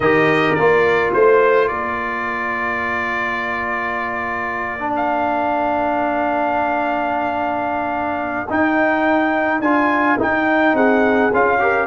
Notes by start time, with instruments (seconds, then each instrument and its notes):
0.00 tuba D#3, trombone G4, horn A#4, trumpet D#5
0.54 tuba A#3, trombone F4, trumpet D5
1.13 tuba A3, trumpet C5, horn C5
1.67 tuba A#3, horn A#4, trumpet D5
4.79 trombone D4
4.96 trumpet F5
8.49 trombone D#4, tuba D#4, trumpet G5
9.60 tuba D4, trombone F4, trumpet G#5
10.18 trombone D#4, tuba D#4, trumpet G5
10.73 tuba C4, horn G#4, trumpet F#5
11.32 tuba C#4, trombone F4, trumpet F5
11.59 trombone G4, horn A#4